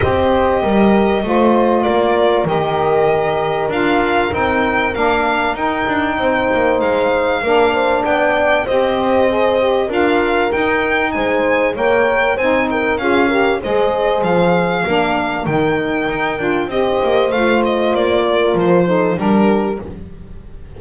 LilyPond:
<<
  \new Staff \with { instrumentName = "violin" } { \time 4/4 \tempo 4 = 97 dis''2. d''4 | dis''2 f''4 g''4 | f''4 g''2 f''4~ | f''4 g''4 dis''2 |
f''4 g''4 gis''4 g''4 | gis''8 g''8 f''4 dis''4 f''4~ | f''4 g''2 dis''4 | f''8 dis''8 d''4 c''4 ais'4 | }
  \new Staff \with { instrumentName = "horn" } { \time 4/4 c''4 ais'4 c''4 ais'4~ | ais'1~ | ais'2 c''2 | ais'8 c''8 d''4 c''2 |
ais'2 c''4 cis''4 | c''8 ais'8 gis'8 ais'8 c''2 | ais'2. c''4~ | c''4. ais'4 a'8 g'4 | }
  \new Staff \with { instrumentName = "saxophone" } { \time 4/4 g'2 f'2 | g'2 f'4 dis'4 | d'4 dis'2. | d'2 g'4 gis'8 g'8 |
f'4 dis'2 ais'4 | dis'4 f'8 g'8 gis'2 | d'4 dis'4. f'8 g'4 | f'2~ f'8 dis'8 d'4 | }
  \new Staff \with { instrumentName = "double bass" } { \time 4/4 c'4 g4 a4 ais4 | dis2 d'4 c'4 | ais4 dis'8 d'8 c'8 ais8 gis4 | ais4 b4 c'2 |
d'4 dis'4 gis4 ais4 | c'4 cis'4 gis4 f4 | ais4 dis4 dis'8 d'8 c'8 ais8 | a4 ais4 f4 g4 | }
>>